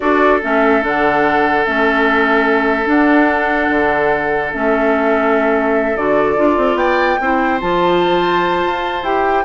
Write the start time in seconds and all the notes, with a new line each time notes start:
0.00 D4 F#4 A4 D5
0.42 A3 C#4 E5
0.82 D3 D4 F#5
1.65 A3 C#4 E5
2.84 D4 F#5
3.69 D3
4.53 A3 C#4 E5
5.96 D3 F#4 D5
6.36 D4 F4
6.57 C4
6.74 B3 D5 G5
7.20 C4 E4 C5
7.60 F3 F4 A5
8.65 F4
9.02 E4 G4 G5